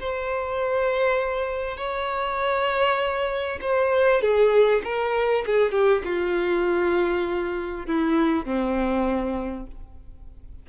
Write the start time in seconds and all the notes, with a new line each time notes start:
0.00 C5
1.77 C#5
3.61 C5
4.21 G#4
4.84 A#4
5.46 G#4
5.72 G4
6.04 F4
7.87 E4
8.45 C4